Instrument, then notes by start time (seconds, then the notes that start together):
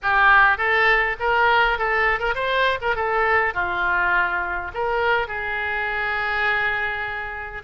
oboe
0.02 G4
0.57 A4
1.19 A#4
1.78 A4
2.19 A#4
2.34 C5
2.81 A#4
2.95 A4
3.53 F4
4.74 A#4
5.27 G#4